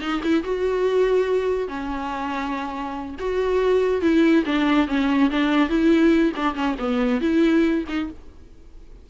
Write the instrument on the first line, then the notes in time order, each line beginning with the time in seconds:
viola
0.00 D#4
0.23 E4
0.43 F#4
1.68 C#4
3.19 F#4
4.01 E4
4.45 D4
4.87 C#4
5.30 D4
5.69 E4
6.36 D4
6.54 C#4
6.79 B3
7.21 E4
7.88 D#4